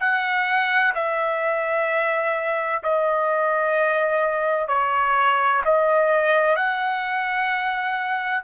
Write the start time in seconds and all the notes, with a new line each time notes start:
0.00 F#5
0.95 E5
2.83 D#5
4.68 C#5
5.65 D#5
6.56 F#5